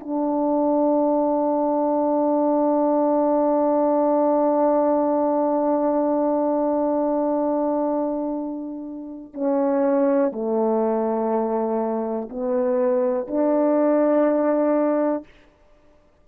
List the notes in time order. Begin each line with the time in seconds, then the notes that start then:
0.00 D4
9.34 C#4
10.32 A3
12.30 B3
13.27 D4